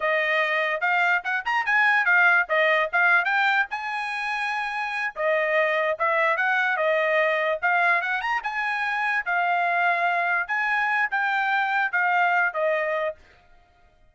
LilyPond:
\new Staff \with { instrumentName = "trumpet" } { \time 4/4 \tempo 4 = 146 dis''2 f''4 fis''8 ais''8 | gis''4 f''4 dis''4 f''4 | g''4 gis''2.~ | gis''8 dis''2 e''4 fis''8~ |
fis''8 dis''2 f''4 fis''8 | ais''8 gis''2 f''4.~ | f''4. gis''4. g''4~ | g''4 f''4. dis''4. | }